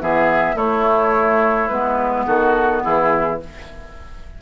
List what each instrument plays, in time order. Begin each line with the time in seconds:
0.00 bassoon E3, clarinet B3, oboe G#4, flute E5
0.55 bassoon A3, clarinet A3, oboe E4, flute C#5
1.69 bassoon G#3, clarinet B3, flute B4
2.26 bassoon D#3, oboe F#4, flute A4
2.84 bassoon E3, oboe E4, flute G#4